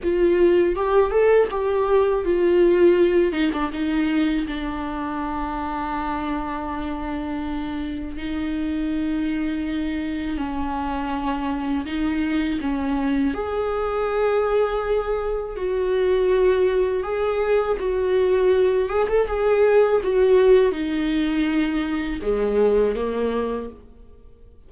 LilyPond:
\new Staff \with { instrumentName = "viola" } { \time 4/4 \tempo 4 = 81 f'4 g'8 a'8 g'4 f'4~ | f'8 dis'16 d'16 dis'4 d'2~ | d'2. dis'4~ | dis'2 cis'2 |
dis'4 cis'4 gis'2~ | gis'4 fis'2 gis'4 | fis'4. gis'16 a'16 gis'4 fis'4 | dis'2 gis4 ais4 | }